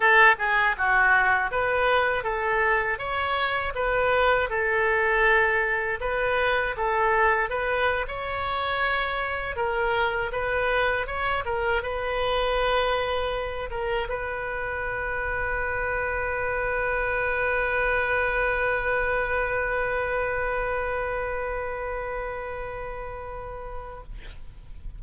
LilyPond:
\new Staff \with { instrumentName = "oboe" } { \time 4/4 \tempo 4 = 80 a'8 gis'8 fis'4 b'4 a'4 | cis''4 b'4 a'2 | b'4 a'4 b'8. cis''4~ cis''16~ | cis''8. ais'4 b'4 cis''8 ais'8 b'16~ |
b'2~ b'16 ais'8 b'4~ b'16~ | b'1~ | b'1~ | b'1 | }